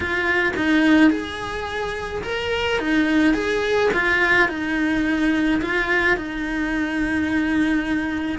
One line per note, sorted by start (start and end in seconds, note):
0.00 0.53 F4
0.56 1.10 D#4
1.10 2.22 G#4
2.23 2.79 A#4
2.79 3.34 D#4
3.34 3.90 G#4
3.93 4.48 F4
4.48 5.60 D#4
5.61 6.17 F4
6.17 8.38 D#4